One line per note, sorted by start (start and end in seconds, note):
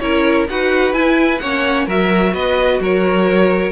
0.00 0.49 C#4
0.00 0.47 E4
0.00 0.50 A#4
0.00 0.47 C#5
0.49 0.94 D#4
0.49 0.94 F#4
0.49 1.41 B4
0.49 0.94 F#5
0.94 1.40 E4
0.94 1.41 E4
0.94 1.39 G#5
1.39 1.87 A#3
1.39 1.90 C#4
1.39 1.87 C#5
1.39 1.86 F#5
1.87 2.34 F#3
1.87 3.72 F#4
1.87 2.33 A#4
1.87 2.34 E5
2.34 2.80 B3
2.34 2.81 B4
2.34 2.81 D#5
2.80 3.72 F#3
2.80 3.72 A#4
2.80 3.72 C#5